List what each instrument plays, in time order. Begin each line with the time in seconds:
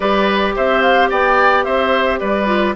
0.00 bassoon G3, clarinet G4, oboe B4, flute D5
0.55 bassoon C4, oboe C5, flute E5
0.82 flute F5
1.09 bassoon B3, oboe D5, flute G5
1.64 bassoon C4, oboe C5, flute E5
2.19 bassoon G3, oboe B4, flute D5
2.46 clarinet F4